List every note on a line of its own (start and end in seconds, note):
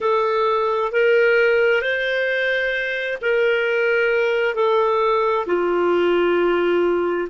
0.00 0.91 A4
0.91 1.81 A#4
1.81 3.18 C5
3.21 4.55 A#4
4.55 5.45 A4
5.46 7.28 F4